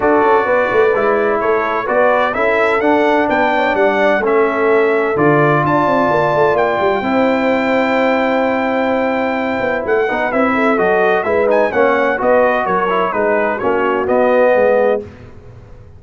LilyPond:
<<
  \new Staff \with { instrumentName = "trumpet" } { \time 4/4 \tempo 4 = 128 d''2. cis''4 | d''4 e''4 fis''4 g''4 | fis''4 e''2 d''4 | a''2 g''2~ |
g''1~ | g''4 fis''4 e''4 dis''4 | e''8 gis''8 fis''4 dis''4 cis''4 | b'4 cis''4 dis''2 | }
  \new Staff \with { instrumentName = "horn" } { \time 4/4 a'4 b'2 a'4 | b'4 a'2 b'8 cis''8 | d''4 a'2. | d''2. c''4~ |
c''1~ | c''4. b'4 a'4. | b'4 cis''4 b'4 ais'4 | gis'4 fis'2 gis'4 | }
  \new Staff \with { instrumentName = "trombone" } { \time 4/4 fis'2 e'2 | fis'4 e'4 d'2~ | d'4 cis'2 f'4~ | f'2. e'4~ |
e'1~ | e'4. dis'8 e'4 fis'4 | e'8 dis'8 cis'4 fis'4. e'8 | dis'4 cis'4 b2 | }
  \new Staff \with { instrumentName = "tuba" } { \time 4/4 d'8 cis'8 b8 a8 gis4 a4 | b4 cis'4 d'4 b4 | g4 a2 d4 | d'8 c'8 ais8 a8 ais8 g8 c'4~ |
c'1~ | c'8 b8 a8 b8 c'4 fis4 | gis4 ais4 b4 fis4 | gis4 ais4 b4 gis4 | }
>>